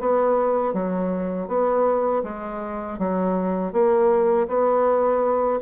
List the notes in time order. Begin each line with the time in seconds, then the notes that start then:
0.00 B3
0.74 F#3
1.48 B3
2.24 G#3
2.99 F#3
3.73 A#3
4.48 B3